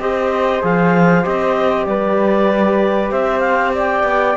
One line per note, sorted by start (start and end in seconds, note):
0.00 0.62 C4
0.00 0.62 G4
0.00 1.88 C5
0.00 0.63 D#5
0.62 1.26 F3
0.62 1.24 G#4
0.62 1.25 F5
1.24 1.86 C4
1.24 4.36 G4
1.24 1.85 D#5
1.85 3.11 G3
1.85 3.12 B4
1.85 3.10 D5
3.11 4.04 C4
3.11 3.74 C5
3.11 3.40 E5
3.40 3.71 F5
3.75 4.37 D5
3.75 4.37 G5
4.04 4.35 B3